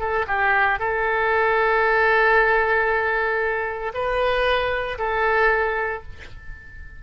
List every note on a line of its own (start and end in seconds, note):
0.00 0.26 A4
0.28 0.80 G4
0.80 3.93 A4
3.94 4.98 B4
4.99 6.03 A4